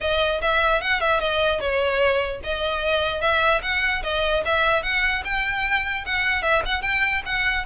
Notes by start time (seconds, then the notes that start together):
0.00 D#5
0.41 E5
0.81 F#5
1.00 E5
1.20 D#5
1.60 C#5
2.43 D#5
3.21 E5
3.62 F#5
4.03 D#5
4.45 E5
4.82 F#5
5.24 G5
6.05 F#5
6.42 E5
6.65 F#5
6.82 G5
7.25 F#5